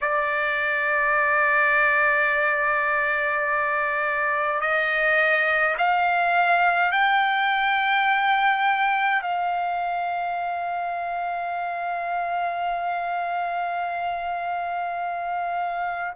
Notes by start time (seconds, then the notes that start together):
0.01 D5
4.60 D#5
5.77 F5
6.91 G5
9.21 F5